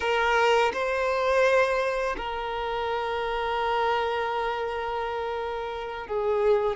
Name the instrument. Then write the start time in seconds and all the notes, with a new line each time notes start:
violin
0.00 A#4
0.73 C5
2.17 A#4
6.07 G#4